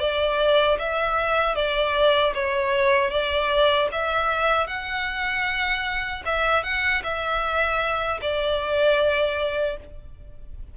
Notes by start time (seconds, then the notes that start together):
0.00 D5
0.79 E5
1.56 D5
2.34 C#5
3.11 D5
3.92 E5
4.67 F#5
6.26 E5
6.63 F#5
7.03 E5
8.21 D5